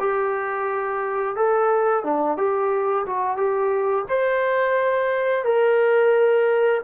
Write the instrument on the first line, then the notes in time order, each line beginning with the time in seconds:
trombone
0.00 G4
1.36 A4
2.04 D4
2.38 G4
3.06 F#4
3.37 G4
4.09 C5
5.45 A#4